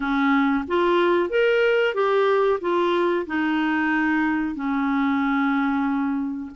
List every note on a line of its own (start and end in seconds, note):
0.00 0.65 C#4
0.67 1.29 F4
1.29 1.94 A#4
1.94 2.59 G4
2.61 3.26 F4
3.26 4.55 D#4
4.55 6.50 C#4